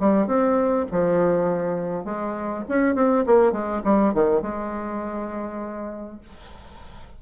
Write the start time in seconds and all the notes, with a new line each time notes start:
0.00 G3
0.26 C4
0.91 F3
2.04 G#3
2.68 C#4
2.95 C4
3.26 A#3
3.52 G#3
3.84 G3
4.13 D#3
4.42 G#3